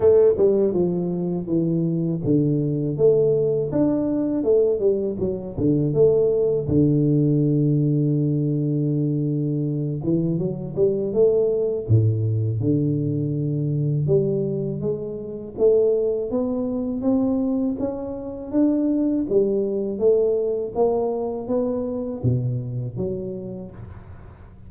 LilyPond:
\new Staff \with { instrumentName = "tuba" } { \time 4/4 \tempo 4 = 81 a8 g8 f4 e4 d4 | a4 d'4 a8 g8 fis8 d8 | a4 d2.~ | d4. e8 fis8 g8 a4 |
a,4 d2 g4 | gis4 a4 b4 c'4 | cis'4 d'4 g4 a4 | ais4 b4 b,4 fis4 | }